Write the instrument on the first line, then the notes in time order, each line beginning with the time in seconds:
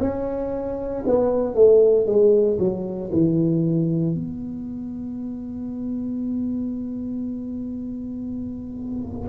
tuba
0.00 C#4
1.06 B3
1.55 A3
2.06 G#3
2.59 F#3
3.12 E3
4.15 B3